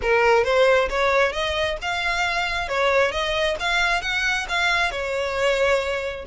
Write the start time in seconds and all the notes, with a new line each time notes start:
0.01 A#4
0.44 C5
0.89 C#5
1.32 D#5
1.81 F5
2.68 C#5
3.11 D#5
3.59 F5
4.01 F#5
4.48 F5
4.91 C#5